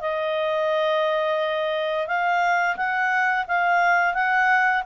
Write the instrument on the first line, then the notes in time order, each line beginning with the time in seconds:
clarinet
0.00 D#5
2.07 F5
2.76 F#5
3.47 F5
4.14 F#5